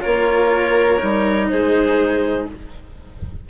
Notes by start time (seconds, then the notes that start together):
0.00 A#3 F4 A#4 C#5
0.99 G3 D#4
1.49 G#3 G#4 C5